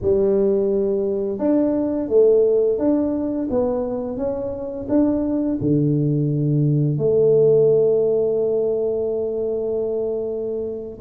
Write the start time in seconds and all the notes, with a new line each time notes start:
0.01 G3
1.38 D4
2.08 A3
2.78 D4
3.49 B3
4.17 C#4
4.88 D4
5.60 D3
6.98 A3